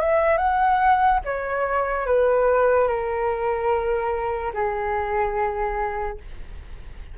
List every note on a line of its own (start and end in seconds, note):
0.00 0.38 E5
0.38 1.20 F#5
1.25 2.06 C#5
2.06 2.88 B4
2.88 4.52 A#4
4.54 6.18 G#4